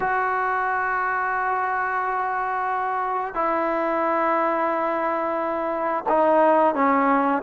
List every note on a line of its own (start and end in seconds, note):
0.00 3.34 F#4
3.34 6.04 E4
6.09 6.74 D#4
6.74 7.42 C#4